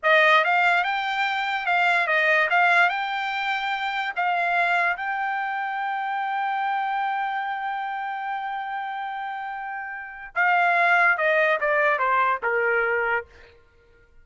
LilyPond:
\new Staff \with { instrumentName = "trumpet" } { \time 4/4 \tempo 4 = 145 dis''4 f''4 g''2 | f''4 dis''4 f''4 g''4~ | g''2 f''2 | g''1~ |
g''1~ | g''1~ | g''4 f''2 dis''4 | d''4 c''4 ais'2 | }